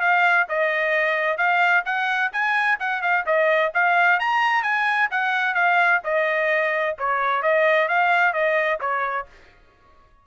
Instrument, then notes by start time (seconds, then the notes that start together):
trumpet
0.00 F5
0.49 D#5
1.37 F5
1.85 F#5
2.32 G#5
2.79 F#5
3.02 F5
3.26 D#5
3.74 F5
4.19 A#5
4.63 G#5
5.10 F#5
5.54 F5
6.04 D#5
6.98 C#5
7.42 D#5
7.88 F5
8.33 D#5
8.80 C#5